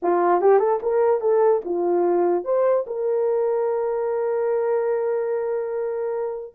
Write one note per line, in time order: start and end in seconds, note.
0.02 0.41 F4
0.41 0.59 G4
0.59 0.79 A4
0.82 1.20 A#4
1.20 1.61 A4
1.64 2.44 F4
2.44 2.85 C5
2.87 6.54 A#4